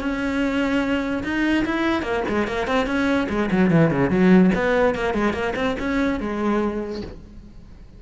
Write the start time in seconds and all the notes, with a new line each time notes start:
0.00 C#4
1.24 D#4
1.65 E4
2.02 A#3
2.28 G#3
2.47 A#3
2.67 C4
2.86 C#4
3.29 G#3
3.51 F#3
3.70 E3
3.91 C#3
4.10 F#3
4.54 B3
4.95 A#3
5.14 G#3
5.33 A#3
5.56 C4
5.79 C#4
6.20 G#3